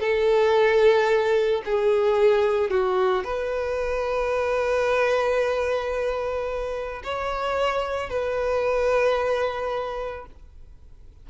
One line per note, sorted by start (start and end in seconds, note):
0.00 1.62 A4
1.65 2.71 G#4
2.71 3.24 F#4
3.24 7.03 B4
7.04 8.10 C#5
8.10 10.26 B4